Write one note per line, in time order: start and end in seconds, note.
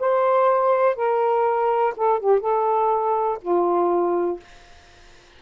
0.00 0.96 C5
0.96 1.94 A#4
1.97 2.20 A4
2.20 2.41 G4
2.41 3.39 A4
3.42 4.40 F4